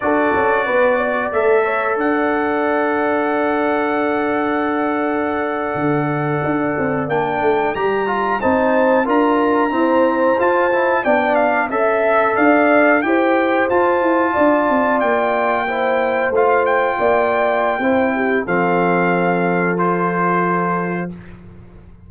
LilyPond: <<
  \new Staff \with { instrumentName = "trumpet" } { \time 4/4 \tempo 4 = 91 d''2 e''4 fis''4~ | fis''1~ | fis''2~ fis''8. g''4 ais''16~ | ais''8. a''4 ais''2 a''16~ |
a''8. g''8 f''8 e''4 f''4 g''16~ | g''8. a''2 g''4~ g''16~ | g''8. f''8 g''2~ g''8. | f''2 c''2 | }
  \new Staff \with { instrumentName = "horn" } { \time 4/4 a'4 b'8 d''4 cis''8 d''4~ | d''1~ | d''1~ | d''8. c''4 ais'4 c''4~ c''16~ |
c''8. d''4 e''4 d''4 c''16~ | c''4.~ c''16 d''2 c''16~ | c''4.~ c''16 d''4~ d''16 c''8 g'8 | a'1 | }
  \new Staff \with { instrumentName = "trombone" } { \time 4/4 fis'2 a'2~ | a'1~ | a'2~ a'8. d'4 g'16~ | g'16 f'8 dis'4 f'4 c'4 f'16~ |
f'16 e'8 d'4 a'2 g'16~ | g'8. f'2. e'16~ | e'8. f'2~ f'16 e'4 | c'2 f'2 | }
  \new Staff \with { instrumentName = "tuba" } { \time 4/4 d'8 cis'8 b4 a4 d'4~ | d'1~ | d'8. d4 d'8 c'8 ais8 a8 g16~ | g8. c'4 d'4 e'4 f'16~ |
f'8. b4 cis'4 d'4 e'16~ | e'8. f'8 e'8 d'8 c'8 ais4~ ais16~ | ais8. a4 ais4~ ais16 c'4 | f1 | }
>>